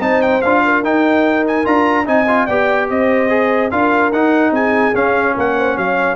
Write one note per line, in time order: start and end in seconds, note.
0.00 0.41 C4
0.00 0.42 D#4
0.00 0.63 C5
0.00 0.21 A5
0.21 0.41 G5
0.41 0.82 D4
0.41 0.84 F4
0.41 0.82 F5
0.64 2.07 A#4
0.82 1.65 D#4
0.82 1.64 D#4
0.82 1.46 G5
1.47 1.66 G#5
1.64 2.07 D4
1.64 2.05 F4
1.64 2.07 A#5
2.05 2.48 C4
2.05 2.26 D#4
2.05 2.46 D#5
2.05 2.46 G#5
2.27 2.48 F4
2.46 2.89 B3
2.46 3.29 G4
2.46 2.87 D5
2.46 2.87 G5
2.89 3.71 C4
2.89 3.72 C5
2.89 3.71 D#5
3.29 3.70 G#4
3.71 4.12 D4
3.71 4.12 F4
3.71 4.52 A#4
3.71 4.12 F5
4.12 4.51 D#4
4.12 4.94 D#4
4.12 4.53 F#5
4.51 4.92 C4
4.51 5.34 G#4
4.51 4.95 G#5
4.94 6.15 C#4
4.94 5.35 C#4
4.94 5.36 F5
5.34 5.77 A#3
5.34 5.55 A#4
5.34 5.77 F#5
5.57 5.76 C5
5.76 6.15 F#3
5.76 6.15 C#5
5.76 6.15 F5